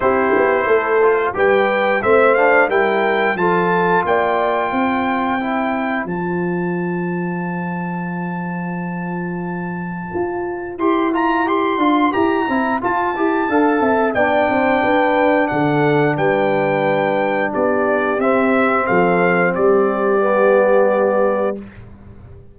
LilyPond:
<<
  \new Staff \with { instrumentName = "trumpet" } { \time 4/4 \tempo 4 = 89 c''2 g''4 e''8 f''8 | g''4 a''4 g''2~ | g''4 a''2.~ | a''1 |
c'''8 ais''8 c'''4 ais''4 a''4~ | a''4 g''2 fis''4 | g''2 d''4 e''4 | f''4 d''2. | }
  \new Staff \with { instrumentName = "horn" } { \time 4/4 g'4 a'4 b'4 c''4 | ais'4 a'4 d''4 c''4~ | c''1~ | c''1~ |
c''1 | f''8 e''8 d''8 c''8 b'4 a'4 | b'2 g'2 | a'4 g'2. | }
  \new Staff \with { instrumentName = "trombone" } { \time 4/4 e'4. f'8 g'4 c'8 d'8 | e'4 f'2. | e'4 f'2.~ | f'1 |
g'8 f'8 g'8 f'8 g'8 e'8 f'8 g'8 | a'4 d'2.~ | d'2. c'4~ | c'2 b2 | }
  \new Staff \with { instrumentName = "tuba" } { \time 4/4 c'8 b8 a4 g4 a4 | g4 f4 ais4 c'4~ | c'4 f2.~ | f2. f'4 |
e'4. d'8 e'8 c'8 f'8 e'8 | d'8 c'8 b8 c'8 d'4 d4 | g2 b4 c'4 | f4 g2. | }
>>